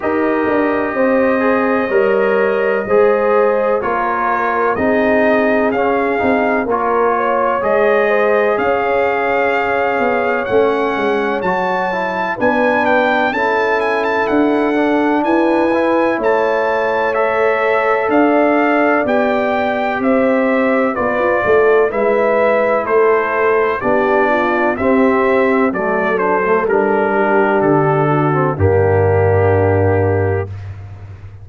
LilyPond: <<
  \new Staff \with { instrumentName = "trumpet" } { \time 4/4 \tempo 4 = 63 dis''1 | cis''4 dis''4 f''4 cis''4 | dis''4 f''2 fis''4 | a''4 gis''8 g''8 a''8 gis''16 a''16 fis''4 |
gis''4 a''4 e''4 f''4 | g''4 e''4 d''4 e''4 | c''4 d''4 e''4 d''8 c''8 | ais'4 a'4 g'2 | }
  \new Staff \with { instrumentName = "horn" } { \time 4/4 ais'4 c''4 cis''4 c''4 | ais'4 gis'2 ais'8 cis''8~ | cis''8 c''8 cis''2.~ | cis''4 b'4 a'2 |
b'4 cis''2 d''4~ | d''4 c''4 b'8 a'8 b'4 | a'4 g'8 f'8 g'4 a'4~ | a'8 g'4 fis'8 d'2 | }
  \new Staff \with { instrumentName = "trombone" } { \time 4/4 g'4. gis'8 ais'4 gis'4 | f'4 dis'4 cis'8 dis'8 f'4 | gis'2. cis'4 | fis'8 e'8 d'4 e'4. d'8~ |
d'8 e'4. a'2 | g'2 f'4 e'4~ | e'4 d'4 c'4 a8 d'16 a16 | d'4.~ d'16 c'16 ais2 | }
  \new Staff \with { instrumentName = "tuba" } { \time 4/4 dis'8 d'8 c'4 g4 gis4 | ais4 c'4 cis'8 c'8 ais4 | gis4 cis'4. b8 a8 gis8 | fis4 b4 cis'4 d'4 |
e'4 a2 d'4 | b4 c'4 b16 f'16 a8 gis4 | a4 b4 c'4 fis4 | g4 d4 g,2 | }
>>